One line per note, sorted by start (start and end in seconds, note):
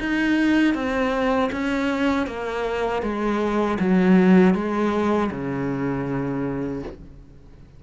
0.00 0.75 D#4
0.75 1.51 C4
1.52 2.27 C#4
2.27 3.03 A#3
3.03 3.79 G#3
3.80 4.55 F#3
4.55 5.31 G#3
5.31 6.83 C#3